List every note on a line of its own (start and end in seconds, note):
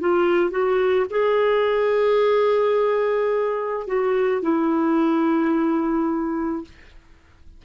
0.00 0.51 F4
0.51 1.06 F#4
1.10 3.87 G#4
3.87 4.42 F#4
4.42 6.65 E4